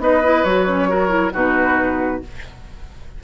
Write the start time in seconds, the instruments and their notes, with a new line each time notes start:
0.00 bassoon B3, clarinet D#4, oboe B4, flute D#5
0.24 clarinet E4
0.44 bassoon F#3, clarinet F#4, flute C#5
0.67 clarinet C#4
0.89 clarinet F#4, oboe A#4
1.09 clarinet E4
1.33 bassoon B2, clarinet D#4, oboe F#4, flute B4